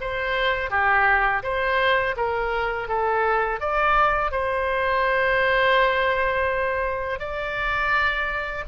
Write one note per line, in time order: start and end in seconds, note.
0.00 0.70 C5
0.70 1.42 G4
1.43 2.15 C5
2.16 2.88 A#4
2.88 3.60 A4
3.60 4.31 D5
4.31 7.19 C5
7.19 8.64 D5